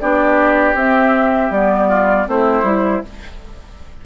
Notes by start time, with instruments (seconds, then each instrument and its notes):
0.00 bassoon B3, clarinet D4, oboe G4, flute D5
0.74 bassoon C4, clarinet C4, flute E5
1.50 bassoon G3, clarinet B3, flute D5
1.89 oboe F4
2.26 bassoon A3, clarinet C4, oboe E4, flute C5
2.63 bassoon G3, clarinet E4